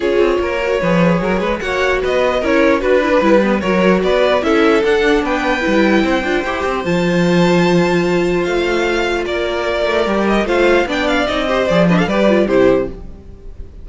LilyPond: <<
  \new Staff \with { instrumentName = "violin" } { \time 4/4 \tempo 4 = 149 cis''1 | fis''4 dis''4 cis''4 b'4~ | b'4 cis''4 d''4 e''4 | fis''4 g''2.~ |
g''4 a''2.~ | a''4 f''2 d''4~ | d''4. dis''8 f''4 g''8 f''8 | dis''4 d''8 dis''16 f''16 d''4 c''4 | }
  \new Staff \with { instrumentName = "violin" } { \time 4/4 gis'4 ais'4 b'4 ais'8 b'8 | cis''4 b'4 ais'4 b'4~ | b'4 ais'4 b'4 a'4~ | a'4 b'2 c''4~ |
c''1~ | c''2. ais'4~ | ais'2 c''4 d''4~ | d''8 c''4 b'16 a'16 b'4 g'4 | }
  \new Staff \with { instrumentName = "viola" } { \time 4/4 f'4. fis'8 gis'2 | fis'2 e'4 fis'8 e'16 d'16 | e'8 b8 fis'2 e'4 | d'2 e'4. f'8 |
g'4 f'2.~ | f'1~ | f'4 g'4 f'4 d'4 | dis'8 g'8 gis'8 d'8 g'8 f'8 e'4 | }
  \new Staff \with { instrumentName = "cello" } { \time 4/4 cis'8 c'8 ais4 f4 fis8 gis8 | ais4 b4 cis'4 d'4 | g4 fis4 b4 cis'4 | d'4 b4 g4 c'8 d'8 |
e'8 c'8 f2.~ | f4 a2 ais4~ | ais8 a8 g4 a4 b4 | c'4 f4 g4 c4 | }
>>